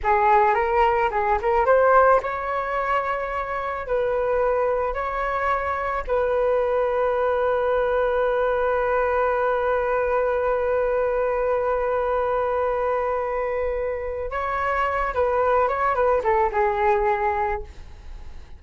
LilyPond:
\new Staff \with { instrumentName = "flute" } { \time 4/4 \tempo 4 = 109 gis'4 ais'4 gis'8 ais'8 c''4 | cis''2. b'4~ | b'4 cis''2 b'4~ | b'1~ |
b'1~ | b'1~ | b'2 cis''4. b'8~ | b'8 cis''8 b'8 a'8 gis'2 | }